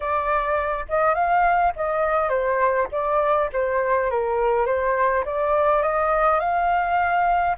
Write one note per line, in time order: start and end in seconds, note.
0.00 0.85 D5
0.88 1.14 D#5
1.14 1.72 F5
1.76 2.29 D#5
2.29 2.87 C5
2.91 3.49 D5
3.52 4.10 C5
4.10 4.65 A#4
4.65 5.24 C5
5.25 5.82 D5
5.82 6.39 D#5
6.39 7.56 F5